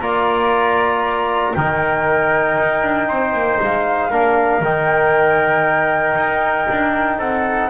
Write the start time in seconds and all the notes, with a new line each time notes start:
0.00 A#3 F4 D5 A#5
1.54 D#3 D#4 A#4 G5
2.58 D#4
2.83 D4
3.08 C4 C5
3.33 A#3
3.61 G#3 F5
4.10 A#3 D4 A#4
4.60 D#3 D#4 G5
6.16 D#4
6.70 D4
7.18 C4 A4 F#5